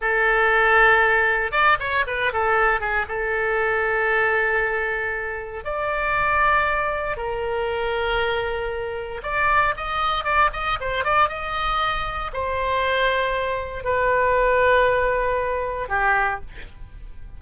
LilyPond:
\new Staff \with { instrumentName = "oboe" } { \time 4/4 \tempo 4 = 117 a'2. d''8 cis''8 | b'8 a'4 gis'8 a'2~ | a'2. d''4~ | d''2 ais'2~ |
ais'2 d''4 dis''4 | d''8 dis''8 c''8 d''8 dis''2 | c''2. b'4~ | b'2. g'4 | }